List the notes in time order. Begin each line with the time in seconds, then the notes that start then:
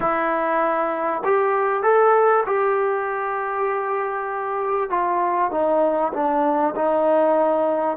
0.00 E4
1.24 G4
1.82 A4
2.45 G4
4.90 F4
5.51 D#4
6.13 D4
6.75 D#4